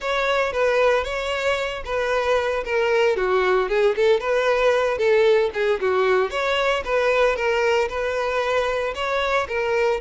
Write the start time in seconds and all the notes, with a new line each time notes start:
0.00 C#5
0.52 B4
1.04 C#5
1.84 B4
2.65 A#4
3.16 F#4
3.68 G#4
3.95 A4
4.20 B4
4.97 A4
5.53 G#4
5.80 F#4
6.30 C#5
6.84 B4
7.35 A#4
7.89 B4
8.94 C#5
9.47 A#4